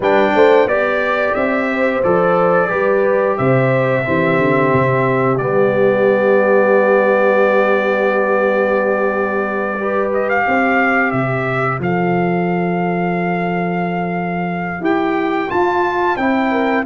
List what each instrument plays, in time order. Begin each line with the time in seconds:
0.00 tuba G3, trombone D4, horn B4, trumpet G5
0.35 tuba A3, horn C5
0.65 tuba B3, trombone G4, trumpet D5, horn D5
1.34 tuba C4, trumpet E5
1.72 horn C5
2.03 tuba F3, trombone A4, trumpet D5
2.68 tuba G3, trombone G4, horn B4
3.37 tuba C3, horn C5, trumpet E5
4.04 tuba E3, trombone C4, horn G4
4.38 tuba D3
4.72 tuba C3
5.37 tuba G3, trombone B3, trumpet D5
9.79 trombone G4, horn B4
10.13 trumpet D#5
10.29 trumpet F5
10.45 tuba C4, horn C5
11.11 tuba C3, trumpet E5
11.79 tuba F3, trombone A4, trumpet F5
14.80 tuba E4, trombone G4, trumpet G5
15.48 trombone F4, tuba F4, trumpet A5
16.16 tuba C4, trombone E4, trumpet G5
16.51 horn A#4